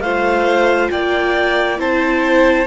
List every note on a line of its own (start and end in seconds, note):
0.00 0.88 A3
0.00 1.77 F4
0.00 0.90 C5
0.00 0.89 F5
0.90 1.78 A#3
0.90 1.79 D5
0.90 1.78 G5
1.77 2.66 C4
1.77 2.65 E4
1.77 2.66 C5
1.77 2.66 A5